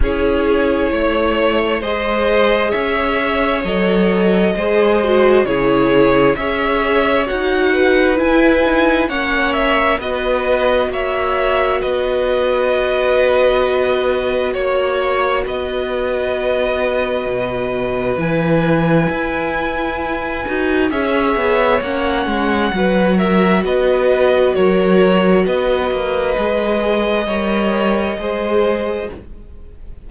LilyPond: <<
  \new Staff \with { instrumentName = "violin" } { \time 4/4 \tempo 4 = 66 cis''2 dis''4 e''4 | dis''2 cis''4 e''4 | fis''4 gis''4 fis''8 e''8 dis''4 | e''4 dis''2. |
cis''4 dis''2. | gis''2. e''4 | fis''4. e''8 dis''4 cis''4 | dis''1 | }
  \new Staff \with { instrumentName = "violin" } { \time 4/4 gis'4 cis''4 c''4 cis''4~ | cis''4 c''4 gis'4 cis''4~ | cis''8 b'4. cis''4 b'4 | cis''4 b'2. |
cis''4 b'2.~ | b'2. cis''4~ | cis''4 b'8 ais'8 b'4 ais'4 | b'2 cis''4 c''4 | }
  \new Staff \with { instrumentName = "viola" } { \time 4/4 e'2 gis'2 | a'4 gis'8 fis'8 e'4 gis'4 | fis'4 e'8 dis'8 cis'4 fis'4~ | fis'1~ |
fis'1 | e'2~ e'8 fis'8 gis'4 | cis'4 fis'2.~ | fis'4 gis'4 ais'4 gis'4 | }
  \new Staff \with { instrumentName = "cello" } { \time 4/4 cis'4 a4 gis4 cis'4 | fis4 gis4 cis4 cis'4 | dis'4 e'4 ais4 b4 | ais4 b2. |
ais4 b2 b,4 | e4 e'4. dis'8 cis'8 b8 | ais8 gis8 fis4 b4 fis4 | b8 ais8 gis4 g4 gis4 | }
>>